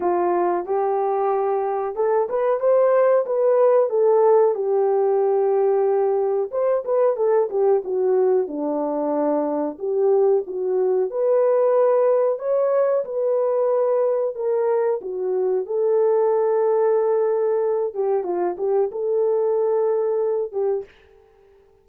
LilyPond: \new Staff \with { instrumentName = "horn" } { \time 4/4 \tempo 4 = 92 f'4 g'2 a'8 b'8 | c''4 b'4 a'4 g'4~ | g'2 c''8 b'8 a'8 g'8 | fis'4 d'2 g'4 |
fis'4 b'2 cis''4 | b'2 ais'4 fis'4 | a'2.~ a'8 g'8 | f'8 g'8 a'2~ a'8 g'8 | }